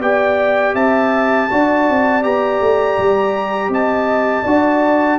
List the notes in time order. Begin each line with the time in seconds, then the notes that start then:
0.00 B3 G4 D5 G5
0.75 C4 E5 A5
1.51 D4 F#4 D5
1.89 C4
2.23 B3 G4 A#5
2.61 A3
2.98 G3
3.69 C4 D#5 A5
4.44 D4 F#4 D5